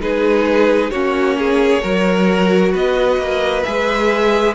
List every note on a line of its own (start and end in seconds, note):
0.00 0.91 G#3
0.00 0.92 D#4
0.00 0.91 G#4
0.00 0.90 B4
0.90 1.83 A#3
0.90 1.81 C#4
0.90 1.37 F#4
0.90 2.72 C#5
1.38 1.83 G#4
1.81 2.74 F#3
1.81 3.63 F#4
1.81 2.72 A#4
2.72 3.17 B3
2.72 4.54 B4
2.72 3.63 D#5
3.17 3.63 A#3
3.63 4.55 G#3
3.63 4.55 G#4
3.63 4.54 E5